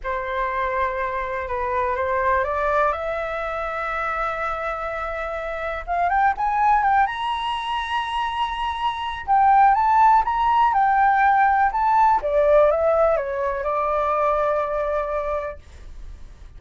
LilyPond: \new Staff \with { instrumentName = "flute" } { \time 4/4 \tempo 4 = 123 c''2. b'4 | c''4 d''4 e''2~ | e''1 | f''8 g''8 gis''4 g''8 ais''4.~ |
ais''2. g''4 | a''4 ais''4 g''2 | a''4 d''4 e''4 cis''4 | d''1 | }